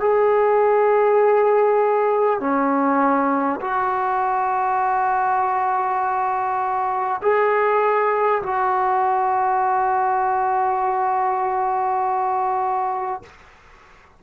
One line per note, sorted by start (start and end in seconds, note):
0.00 2.40 G#4
2.41 3.61 C#4
3.61 7.21 F#4
7.22 8.42 G#4
8.43 13.23 F#4